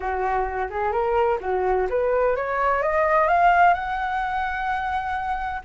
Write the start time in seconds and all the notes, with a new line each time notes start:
0.00 F#4
0.70 G#4
0.92 A#4
1.40 F#4
1.89 B4
2.36 C#5
2.82 D#5
3.27 F5
3.74 F#5